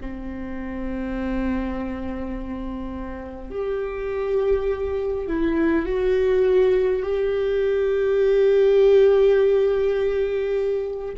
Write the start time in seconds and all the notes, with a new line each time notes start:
0.00 C4
3.50 G4
5.27 E4
5.86 F#4
7.02 G4